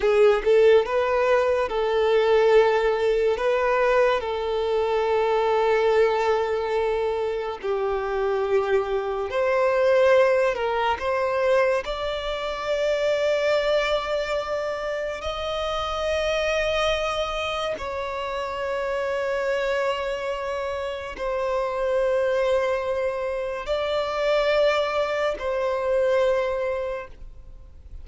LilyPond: \new Staff \with { instrumentName = "violin" } { \time 4/4 \tempo 4 = 71 gis'8 a'8 b'4 a'2 | b'4 a'2.~ | a'4 g'2 c''4~ | c''8 ais'8 c''4 d''2~ |
d''2 dis''2~ | dis''4 cis''2.~ | cis''4 c''2. | d''2 c''2 | }